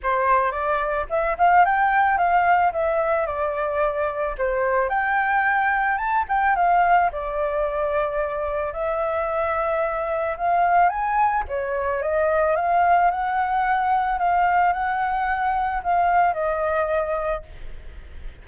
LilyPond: \new Staff \with { instrumentName = "flute" } { \time 4/4 \tempo 4 = 110 c''4 d''4 e''8 f''8 g''4 | f''4 e''4 d''2 | c''4 g''2 a''8 g''8 | f''4 d''2. |
e''2. f''4 | gis''4 cis''4 dis''4 f''4 | fis''2 f''4 fis''4~ | fis''4 f''4 dis''2 | }